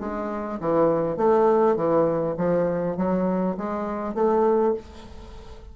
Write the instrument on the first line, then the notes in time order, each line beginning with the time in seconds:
bassoon
0.00 G#3
0.60 E3
1.17 A3
1.76 E3
2.37 F3
2.97 F#3
3.57 G#3
4.14 A3